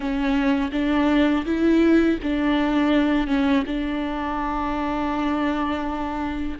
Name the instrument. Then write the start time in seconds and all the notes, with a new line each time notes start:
viola
0.00 C#4
0.72 D4
1.45 E4
2.23 D4
3.27 C#4
3.66 D4